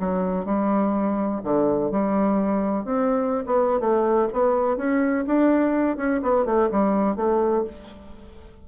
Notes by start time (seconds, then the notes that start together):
0.00 F#3
0.46 G3
1.44 D3
1.92 G3
2.86 C4
3.46 B3
3.81 A3
4.33 B3
4.77 C#4
5.27 D4
5.97 C#4
6.23 B3
6.46 A3
6.72 G3
7.16 A3